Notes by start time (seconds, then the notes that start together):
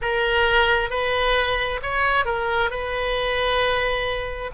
0.01 A#4
0.90 B4
1.82 C#5
2.25 A#4
2.70 B4